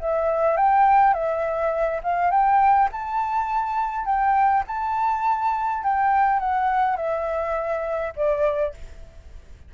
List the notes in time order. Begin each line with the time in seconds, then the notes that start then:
0.00 E5
0.57 G5
1.14 E5
2.03 F5
2.31 G5
2.92 A5
4.05 G5
4.67 A5
5.83 G5
6.40 F#5
6.96 E5
8.16 D5